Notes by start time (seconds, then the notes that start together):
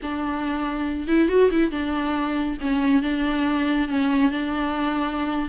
0.02 D4
1.07 E4
1.28 F#4
1.50 E4
1.71 D4
2.61 C#4
3.02 D4
3.88 C#4
4.31 D4